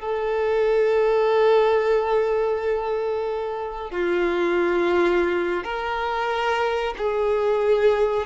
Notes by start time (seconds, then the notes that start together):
0.00 A4
3.91 F4
5.64 A#4
6.98 G#4